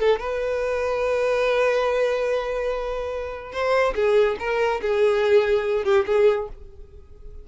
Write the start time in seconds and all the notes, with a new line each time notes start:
0.00 A4
0.20 B4
3.52 C5
3.95 G#4
4.39 A#4
4.82 G#4
5.85 G4
6.06 G#4